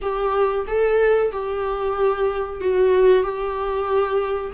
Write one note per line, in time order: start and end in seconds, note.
0.01 0.66 G4
0.67 1.31 A4
1.32 2.60 G4
2.60 3.23 F#4
3.23 4.52 G4